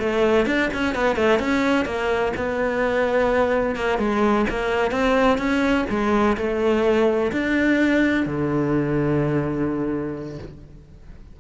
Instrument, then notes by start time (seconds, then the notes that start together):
cello
0.00 A3
0.47 D4
0.74 C#4
0.95 B3
1.16 A3
1.40 C#4
1.86 A#3
2.37 B3
3.76 A#3
3.99 G#3
4.50 A#3
4.92 C4
5.38 C#4
5.90 G#3
6.38 A3
7.33 D4
8.26 D3